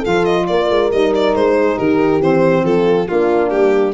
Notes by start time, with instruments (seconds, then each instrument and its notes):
0.00 saxophone F4, horn A4, violin F5
0.07 tuba F3
0.25 violin D#5
0.47 tuba A#3, horn A#4, violin D5
0.70 tuba G#3
0.92 tuba G3, saxophone D#4, violin D#5
1.15 violin D5
1.35 tuba G#3, violin C5
1.60 horn G#4
1.77 tuba D#3, horn G4, violin A#4
2.21 tuba E3, saxophone C4, violin C5
2.64 tuba F3, horn F4, violin A4
3.07 saxophone A#3, tuba A#3, horn D4, violin F4
3.50 tuba G3, violin G4